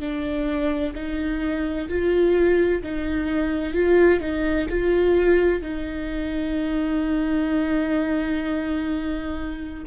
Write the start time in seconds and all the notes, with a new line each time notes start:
0.00 D4
0.95 D#4
1.88 F4
2.83 D#4
3.73 F4
4.20 D#4
4.69 F4
5.62 D#4